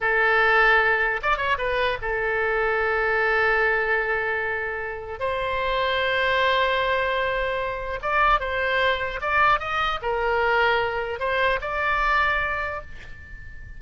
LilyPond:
\new Staff \with { instrumentName = "oboe" } { \time 4/4 \tempo 4 = 150 a'2. d''8 cis''8 | b'4 a'2.~ | a'1~ | a'4 c''2.~ |
c''1 | d''4 c''2 d''4 | dis''4 ais'2. | c''4 d''2. | }